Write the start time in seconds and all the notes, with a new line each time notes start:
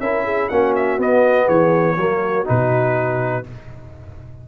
0.00 C#4 E4 A#4 E5
0.24 G#4
0.48 A#3 C#4 F#4 F#5
0.75 E5
0.98 B3 D#5
1.45 E3 G#4 C#5
1.96 F#3 A#3 F#4
2.45 B2 D#4 B4